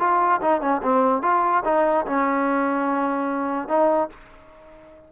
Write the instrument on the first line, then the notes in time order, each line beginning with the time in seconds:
trombone
0.00 F4
0.42 D#4
0.61 C#4
0.83 C4
1.23 F4
1.65 D#4
2.07 C#4
3.69 D#4